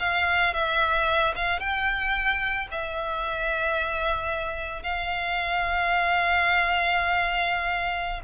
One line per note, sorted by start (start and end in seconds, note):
0.00 0.54 F5
0.54 1.35 E5
1.36 1.60 F5
1.60 2.68 G5
2.71 4.83 E5
4.83 8.21 F5